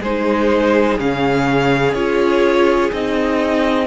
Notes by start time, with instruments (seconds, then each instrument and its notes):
0.00 cello G#3, viola D#4, violin G#4 C5
0.99 cello C#3, viola C#4, violin F5
1.94 cello C#4, viola F4, violin C#5
2.92 cello C4, viola D#4, violin D#5